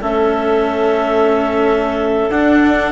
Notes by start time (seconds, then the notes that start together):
0.00 A3 C#4 A4 E5
2.28 D4 F#5